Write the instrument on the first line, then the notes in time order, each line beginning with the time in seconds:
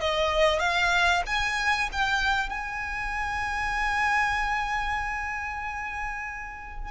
violin
0.00 D#5
0.59 F5
1.26 G#5
1.92 G5
2.49 G#5